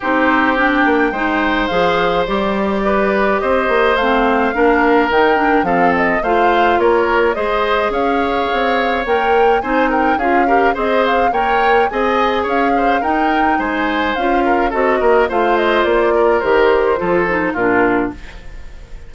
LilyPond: <<
  \new Staff \with { instrumentName = "flute" } { \time 4/4 \tempo 4 = 106 c''4 g''2 f''4 | d''2 dis''4 f''4~ | f''4 g''4 f''8 dis''8 f''4 | cis''4 dis''4 f''2 |
g''4 gis''8 g''8 f''4 dis''8 f''8 | g''4 gis''4 f''4 g''4 | gis''4 f''4 dis''4 f''8 dis''8 | d''4 c''2 ais'4 | }
  \new Staff \with { instrumentName = "oboe" } { \time 4/4 g'2 c''2~ | c''4 b'4 c''2 | ais'2 a'4 c''4 | ais'4 c''4 cis''2~ |
cis''4 c''8 ais'8 gis'8 ais'8 c''4 | cis''4 dis''4 cis''8 c''8 ais'4 | c''4. ais'8 a'8 ais'8 c''4~ | c''8 ais'4. a'4 f'4 | }
  \new Staff \with { instrumentName = "clarinet" } { \time 4/4 dis'4 d'4 dis'4 gis'4 | g'2. c'4 | d'4 dis'8 d'8 c'4 f'4~ | f'4 gis'2. |
ais'4 dis'4 f'8 g'8 gis'4 | ais'4 gis'2 dis'4~ | dis'4 f'4 fis'4 f'4~ | f'4 g'4 f'8 dis'8 d'4 | }
  \new Staff \with { instrumentName = "bassoon" } { \time 4/4 c'4. ais8 gis4 f4 | g2 c'8 ais8 a4 | ais4 dis4 f4 a4 | ais4 gis4 cis'4 c'4 |
ais4 c'4 cis'4 c'4 | ais4 c'4 cis'4 dis'4 | gis4 cis'4 c'8 ais8 a4 | ais4 dis4 f4 ais,4 | }
>>